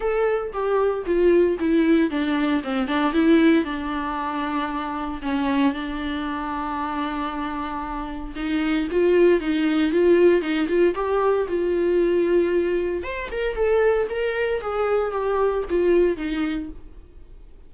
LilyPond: \new Staff \with { instrumentName = "viola" } { \time 4/4 \tempo 4 = 115 a'4 g'4 f'4 e'4 | d'4 c'8 d'8 e'4 d'4~ | d'2 cis'4 d'4~ | d'1 |
dis'4 f'4 dis'4 f'4 | dis'8 f'8 g'4 f'2~ | f'4 c''8 ais'8 a'4 ais'4 | gis'4 g'4 f'4 dis'4 | }